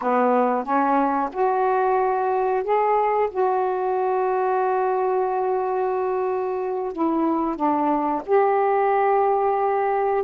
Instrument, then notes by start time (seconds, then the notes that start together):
saxophone
0.01 B3
0.64 C#4
1.32 F#4
2.63 G#4
3.30 F#4
6.93 E4
7.56 D4
8.26 G4